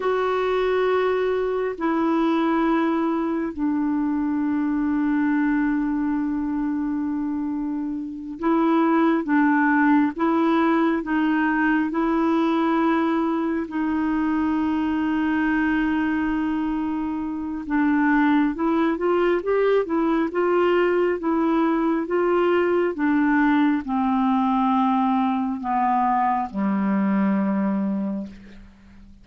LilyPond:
\new Staff \with { instrumentName = "clarinet" } { \time 4/4 \tempo 4 = 68 fis'2 e'2 | d'1~ | d'4. e'4 d'4 e'8~ | e'8 dis'4 e'2 dis'8~ |
dis'1 | d'4 e'8 f'8 g'8 e'8 f'4 | e'4 f'4 d'4 c'4~ | c'4 b4 g2 | }